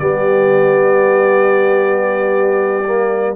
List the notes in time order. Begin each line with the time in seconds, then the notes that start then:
0.00 G3 B3 G4 D5
2.85 A#3